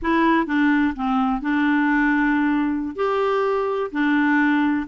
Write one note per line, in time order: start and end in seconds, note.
0.02 0.46 E4
0.46 0.94 D4
0.95 1.41 C4
1.41 2.95 D4
2.95 3.90 G4
3.91 4.86 D4